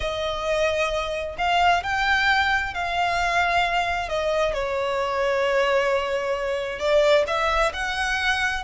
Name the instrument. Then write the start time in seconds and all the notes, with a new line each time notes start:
violin
0.00 D#5
1.38 F5
1.83 G5
2.74 F5
4.08 D#5
4.53 C#5
6.79 D5
7.27 E5
7.73 F#5